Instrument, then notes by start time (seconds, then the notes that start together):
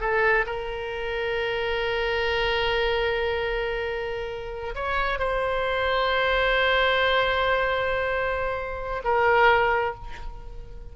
oboe
0.00 A4
0.46 A#4
4.75 C#5
5.19 C5
9.04 A#4